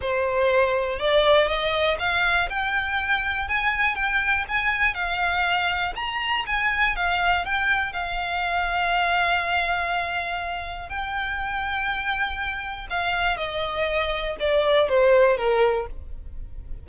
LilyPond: \new Staff \with { instrumentName = "violin" } { \time 4/4 \tempo 4 = 121 c''2 d''4 dis''4 | f''4 g''2 gis''4 | g''4 gis''4 f''2 | ais''4 gis''4 f''4 g''4 |
f''1~ | f''2 g''2~ | g''2 f''4 dis''4~ | dis''4 d''4 c''4 ais'4 | }